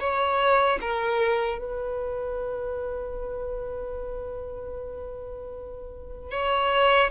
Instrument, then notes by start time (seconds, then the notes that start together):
violin
0.00 C#5
0.81 A#4
1.59 B4
6.31 C#5